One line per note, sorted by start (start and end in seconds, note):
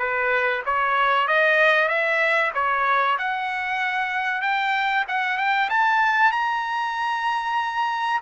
0.00 0.63 B4
0.66 1.28 C#5
1.28 1.89 D#5
1.89 2.52 E5
2.55 3.18 C#5
3.19 4.42 F#5
4.42 5.05 G5
5.08 5.38 F#5
5.38 5.70 G5
5.70 6.32 A5
6.32 8.21 A#5